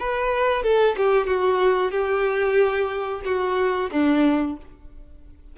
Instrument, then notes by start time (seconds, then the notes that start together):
violin
0.00 B4
0.63 A4
0.97 G4
1.27 F#4
1.92 G4
3.25 F#4
3.92 D4